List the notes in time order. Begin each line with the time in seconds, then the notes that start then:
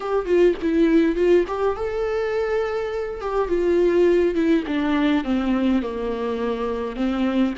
0.00 G4
0.25 F4
0.61 E4
1.15 F4
1.47 G4
1.76 A4
3.20 G4
3.48 F4
4.34 E4
4.67 D4
5.23 C4
5.82 A#3
6.96 C4